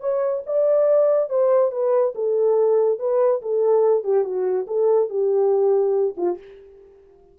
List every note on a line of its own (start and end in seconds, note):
0.00 0.42 C#5
0.46 1.29 D5
1.29 1.71 C5
1.71 2.14 B4
2.15 2.99 A4
2.99 3.41 B4
3.41 4.04 A4
4.04 4.24 G4
4.24 4.66 F#4
4.67 5.09 A4
5.09 6.15 G4
6.17 6.38 F4